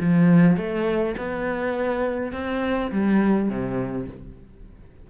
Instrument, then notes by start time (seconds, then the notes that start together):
cello
0.00 F3
0.56 A3
1.17 B3
2.32 C4
2.91 G3
3.48 C3